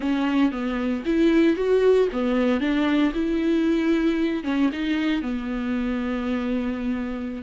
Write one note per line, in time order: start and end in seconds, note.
0.00 0.51 C#4
0.51 1.03 B3
1.05 1.56 E4
1.56 2.08 F#4
2.12 2.60 B3
2.60 3.12 D4
3.14 4.43 E4
4.43 4.70 C#4
4.72 5.22 D#4
5.22 7.42 B3